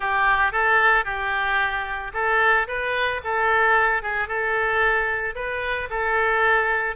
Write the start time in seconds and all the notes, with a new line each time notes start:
0.00 G4
0.52 A4
1.04 G4
2.13 A4
2.67 B4
3.24 A4
4.02 G#4
4.27 A4
5.35 B4
5.90 A4